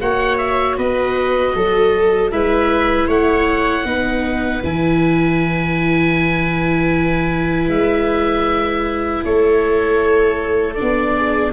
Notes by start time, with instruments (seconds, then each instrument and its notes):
0.00 tuba A#3, viola F#4 C#5, oboe F#5
0.37 oboe E5
0.77 tuba B3, viola B4, oboe D#5
1.55 tuba F#3, viola A4
2.31 tuba G#3, viola E4 B4, oboe E5
3.07 tuba A3, viola C#5, oboe F#5
3.84 tuba B3, viola D#4 B4
4.63 tuba E3, viola E4, oboe G#5
7.68 tuba G#3, oboe E5
9.24 tuba A3, viola A4, oboe C#5
10.74 viola D4, oboe D5
10.81 tuba B3
11.17 viola G#4